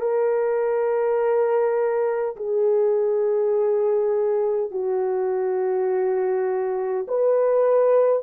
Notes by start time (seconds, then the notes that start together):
0.00 A#4
2.36 G#4
4.71 F#4
7.07 B4